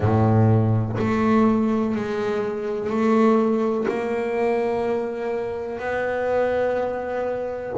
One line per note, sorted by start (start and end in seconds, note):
0.00 0.95 A2
0.98 1.95 A3
1.95 2.89 G#3
2.89 3.86 A3
3.88 5.79 A#3
5.79 7.72 B3